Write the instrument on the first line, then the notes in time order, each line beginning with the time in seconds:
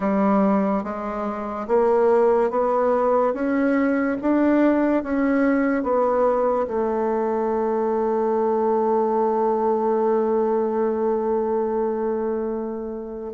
bassoon
0.00 G3
0.83 G#3
1.67 A#3
2.50 B3
3.33 C#4
4.21 D4
5.03 C#4
5.83 B3
6.67 A3